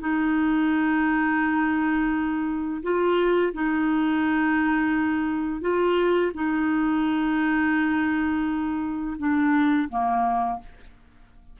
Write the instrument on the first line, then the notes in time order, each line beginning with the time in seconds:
clarinet
0.00 D#4
2.82 F4
3.54 D#4
5.61 F4
6.34 D#4
9.18 D4
9.89 A#3